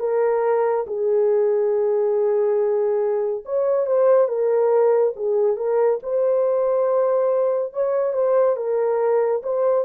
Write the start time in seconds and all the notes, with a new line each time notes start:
0.00 A#4
0.87 G#4
3.46 C#5
3.87 C5
4.29 A#4
5.17 G#4
5.57 A#4
6.03 C5
7.74 C#5
8.14 C5
8.57 A#4
9.43 C5